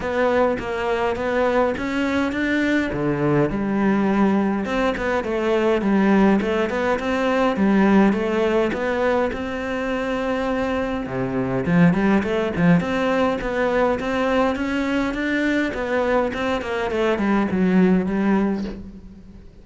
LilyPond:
\new Staff \with { instrumentName = "cello" } { \time 4/4 \tempo 4 = 103 b4 ais4 b4 cis'4 | d'4 d4 g2 | c'8 b8 a4 g4 a8 b8 | c'4 g4 a4 b4 |
c'2. c4 | f8 g8 a8 f8 c'4 b4 | c'4 cis'4 d'4 b4 | c'8 ais8 a8 g8 fis4 g4 | }